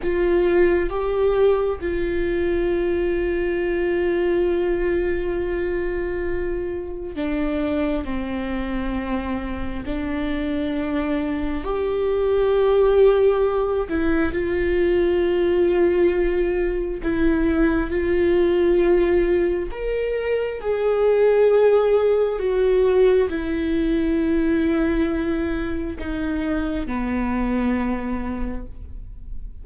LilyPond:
\new Staff \with { instrumentName = "viola" } { \time 4/4 \tempo 4 = 67 f'4 g'4 f'2~ | f'1 | d'4 c'2 d'4~ | d'4 g'2~ g'8 e'8 |
f'2. e'4 | f'2 ais'4 gis'4~ | gis'4 fis'4 e'2~ | e'4 dis'4 b2 | }